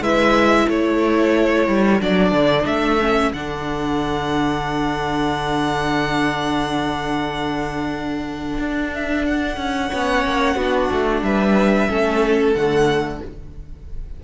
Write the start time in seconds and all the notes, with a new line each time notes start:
0.00 G#3 E4 B4 E5
0.67 A3 A4 C#5
1.67 G3
2.00 F#3 D4 D5
2.31 D3
2.65 A3 E5
3.00 C#4
3.33 D3 D4 F#5
8.58 D4
8.93 E5
9.25 F#5
9.56 C#4
9.90 B3 C#4 C#5
10.25 A#3
10.55 B3 D4 F#4
10.91 A3
11.22 G3 B4 E5
11.88 A3 C#4 A4
12.53 D3 A3 F#5